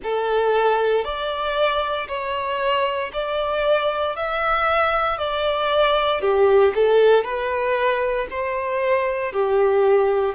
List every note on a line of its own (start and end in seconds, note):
0.03 1.04 A4
1.04 2.07 D5
2.07 3.11 C#5
3.13 4.16 D5
4.16 5.17 E5
5.17 6.21 D5
6.21 6.72 G4
6.74 7.24 A4
7.24 8.27 B4
8.30 9.32 C5
9.32 10.34 G4